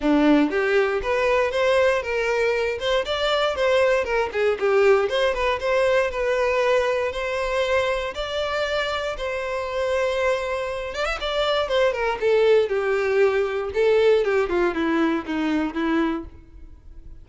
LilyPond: \new Staff \with { instrumentName = "violin" } { \time 4/4 \tempo 4 = 118 d'4 g'4 b'4 c''4 | ais'4. c''8 d''4 c''4 | ais'8 gis'8 g'4 c''8 b'8 c''4 | b'2 c''2 |
d''2 c''2~ | c''4. d''16 e''16 d''4 c''8 ais'8 | a'4 g'2 a'4 | g'8 f'8 e'4 dis'4 e'4 | }